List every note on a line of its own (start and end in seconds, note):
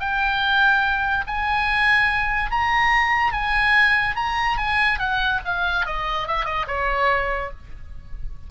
0.00 1.25 G5
1.27 2.51 G#5
2.51 3.33 A#5
3.33 4.16 G#5
4.16 4.57 A#5
4.57 4.99 G#5
4.99 5.41 F#5
5.45 5.86 F5
5.86 6.28 D#5
6.28 6.45 E5
6.45 6.66 D#5
6.68 7.51 C#5